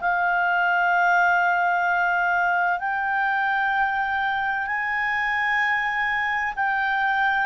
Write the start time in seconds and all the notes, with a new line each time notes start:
0.00 F5
2.80 G5
4.67 G#5
6.56 G5